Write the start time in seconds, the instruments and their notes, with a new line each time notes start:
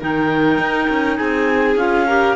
0.00 cello D#3, clarinet D#4 G5, violin A#4
0.58 cello D#4
0.89 cello C#4
1.17 cello C4, violin G#4, clarinet G#5
1.76 cello C#4, clarinet F4 F5
2.07 clarinet G4, violin A#4